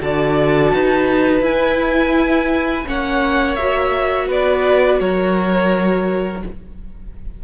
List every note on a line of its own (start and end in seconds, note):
0.00 0.73 D3
0.00 1.42 F#4
0.00 0.74 D5
0.00 1.44 A5
0.74 1.41 D#4
0.74 2.87 B4
1.41 2.84 E4
1.41 2.85 E4
1.41 2.87 G#5
2.86 4.29 A#3
2.86 3.57 C#4
2.86 4.28 C#5
2.86 3.56 F#5
3.56 6.44 F#4
3.56 4.27 E5
4.28 5.00 B3
4.28 4.99 B4
4.28 5.00 D5
5.00 6.43 F#3
5.00 6.43 A#4
5.00 6.43 C#5